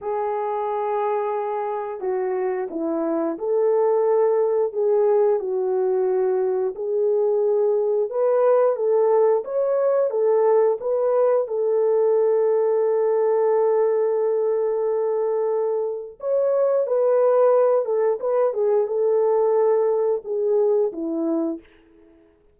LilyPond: \new Staff \with { instrumentName = "horn" } { \time 4/4 \tempo 4 = 89 gis'2. fis'4 | e'4 a'2 gis'4 | fis'2 gis'2 | b'4 a'4 cis''4 a'4 |
b'4 a'2.~ | a'1 | cis''4 b'4. a'8 b'8 gis'8 | a'2 gis'4 e'4 | }